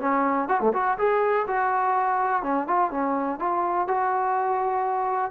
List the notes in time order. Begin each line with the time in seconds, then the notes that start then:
0.00 C#4
0.48 F#4
0.60 A3
0.73 F#4
0.98 G#4
1.47 F#4
2.43 C#4
2.67 F4
2.91 C#4
3.39 F4
3.88 F#4